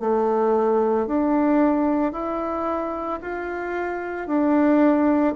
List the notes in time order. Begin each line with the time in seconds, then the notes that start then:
0.00 A3
1.07 D4
2.12 E4
3.22 F4
4.27 D4